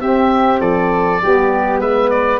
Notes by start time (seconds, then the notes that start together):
0.00 C4 G4 E5
0.60 F3 A4 D5
1.22 G3 B3 G4
1.79 G#3 B4 E5
2.10 D5